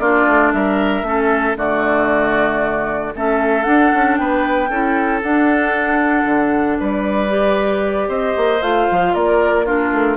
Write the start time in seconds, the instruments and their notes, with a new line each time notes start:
0.00 bassoon A#3, clarinet D4, oboe F4, flute D5
0.27 bassoon A3
0.53 bassoon G3, oboe A#4, flute E5
1.03 bassoon A3, clarinet C#4, oboe A4
1.56 bassoon D3, clarinet A3, oboe F#4, flute D5
3.16 bassoon A3, clarinet C#4, oboe A4, flute E5
3.64 clarinet D4, bassoon D4, flute F#5
3.94 bassoon C#4
4.17 bassoon B3, oboe B4, flute G5
4.70 bassoon C#4, clarinet E4, oboe A4
5.23 clarinet D4, bassoon D4, flute F#5
6.25 bassoon D3
6.80 bassoon G3, oboe B4, flute D5
7.29 clarinet G4
8.08 bassoon C4, oboe C5, flute D#5
8.37 bassoon A#3
8.62 bassoon A3, clarinet F4, flute F5
8.91 bassoon F3
9.14 bassoon A#3, oboe A#4, flute D5
9.66 clarinet D4, oboe F4, flute A#4
9.92 bassoon A3